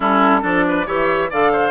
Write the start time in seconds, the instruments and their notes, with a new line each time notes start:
0.00 bassoon G3, clarinet C#4, oboe E4, flute A4
0.41 bassoon F3, clarinet D4, oboe A4, flute D5
0.68 oboe B4
0.86 bassoon E3, clarinet G4, oboe C#5, flute E5
1.30 bassoon D3, clarinet A4, oboe D5, flute F5
1.52 oboe C5